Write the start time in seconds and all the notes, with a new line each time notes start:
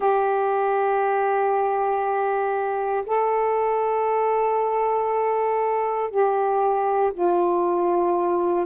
0.00 G4
3.06 A4
6.10 G4
7.13 F4